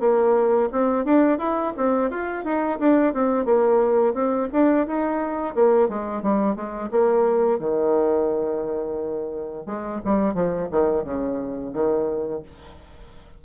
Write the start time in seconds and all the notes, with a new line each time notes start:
0.00 A#3
0.72 C4
1.05 D4
1.39 E4
1.76 C4
2.10 F4
2.44 D#4
2.79 D4
3.13 C4
3.45 A#3
4.14 C4
4.52 D4
4.87 D#4
5.55 A#3
5.89 G#3
6.22 G3
6.55 G#3
6.91 A#3
7.59 D#3
9.66 G#3
10.05 G3
10.34 F3
10.71 D#3
11.04 C#3
11.73 D#3